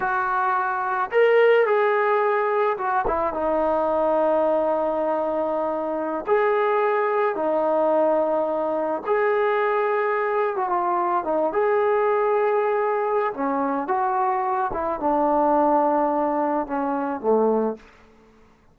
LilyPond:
\new Staff \with { instrumentName = "trombone" } { \time 4/4 \tempo 4 = 108 fis'2 ais'4 gis'4~ | gis'4 fis'8 e'8 dis'2~ | dis'2.~ dis'16 gis'8.~ | gis'4~ gis'16 dis'2~ dis'8.~ |
dis'16 gis'2~ gis'8. fis'16 f'8.~ | f'16 dis'8 gis'2.~ gis'16 | cis'4 fis'4. e'8 d'4~ | d'2 cis'4 a4 | }